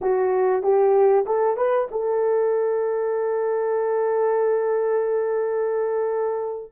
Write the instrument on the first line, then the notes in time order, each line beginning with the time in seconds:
horn
0.01 F#4
0.62 G4
1.26 A4
1.56 B4
1.91 A4